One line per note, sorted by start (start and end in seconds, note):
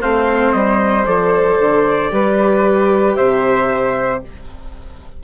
0.00 0.54 A3
0.00 1.05 C4
0.00 2.12 C5
0.00 0.52 F5
0.52 1.06 G3
0.52 1.05 D#5
1.05 1.59 F3
1.05 2.09 A4
1.05 3.16 D5
1.59 2.11 D3
2.09 3.17 G3
2.09 4.20 G4
2.09 3.17 B4
3.16 4.24 C3
3.16 4.22 C5
3.16 4.21 E5